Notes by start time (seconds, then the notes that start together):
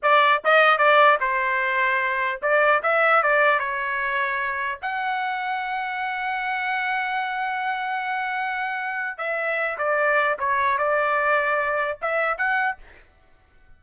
0.02 D5
0.44 D#5
0.78 D5
1.20 C5
2.42 D5
2.83 E5
3.22 D5
3.59 C#5
4.82 F#5
9.17 E5
9.78 D5
10.39 C#5
10.77 D5
12.01 E5
12.37 F#5